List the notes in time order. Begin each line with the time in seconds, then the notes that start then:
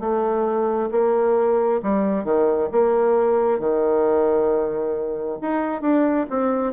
0.00 A3
0.92 A#3
1.83 G3
2.24 D#3
2.72 A#3
3.59 D#3
5.41 D#4
5.82 D4
6.30 C4